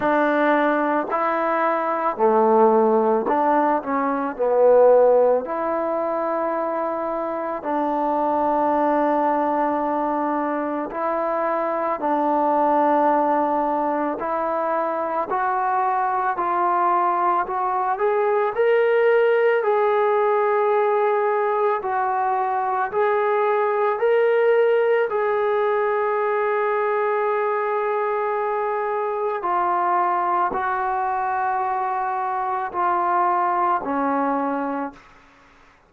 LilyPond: \new Staff \with { instrumentName = "trombone" } { \time 4/4 \tempo 4 = 55 d'4 e'4 a4 d'8 cis'8 | b4 e'2 d'4~ | d'2 e'4 d'4~ | d'4 e'4 fis'4 f'4 |
fis'8 gis'8 ais'4 gis'2 | fis'4 gis'4 ais'4 gis'4~ | gis'2. f'4 | fis'2 f'4 cis'4 | }